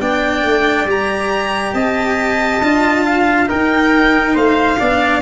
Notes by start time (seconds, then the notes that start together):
0.00 B3 D4 D5 G5
0.44 A3
0.85 G3 G4 A#5
1.74 C4 D#5 A5
2.62 D4 F4
3.06 F5
3.46 D#4 A#4 G5
4.34 A3 C5 F5
4.79 B3 D4 D5